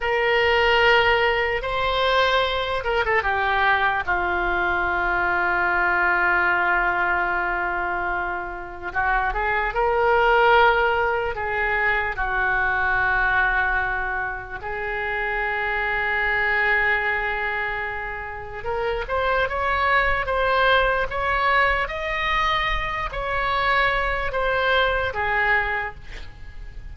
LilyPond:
\new Staff \with { instrumentName = "oboe" } { \time 4/4 \tempo 4 = 74 ais'2 c''4. ais'16 a'16 | g'4 f'2.~ | f'2. fis'8 gis'8 | ais'2 gis'4 fis'4~ |
fis'2 gis'2~ | gis'2. ais'8 c''8 | cis''4 c''4 cis''4 dis''4~ | dis''8 cis''4. c''4 gis'4 | }